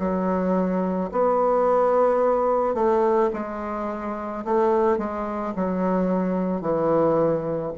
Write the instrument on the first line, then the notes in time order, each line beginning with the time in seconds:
bassoon
0.00 F#3
1.12 B3
2.75 A3
3.34 G#3
4.45 A3
4.98 G#3
5.56 F#3
6.62 E3